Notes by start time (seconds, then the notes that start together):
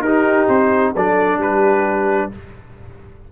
0.00 D#4 G4 A#4
0.06 D#4
0.49 C4 C5
0.94 F#3 D4 A4 D5
1.38 G3 G4 B4